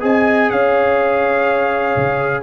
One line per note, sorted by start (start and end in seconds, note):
0.00 0.51 C4
0.00 2.42 G#4
0.00 0.51 D#5
0.00 0.50 G#5
0.50 1.96 C#4
0.50 2.43 C#5
0.50 2.43 F5
1.96 2.43 C#3